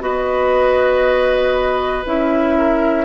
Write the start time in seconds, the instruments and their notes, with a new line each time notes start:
0.00 bassoon B3, clarinet F#4, oboe B4, flute D#5
2.06 bassoon C#4, clarinet E4, flute E5
2.58 oboe A#4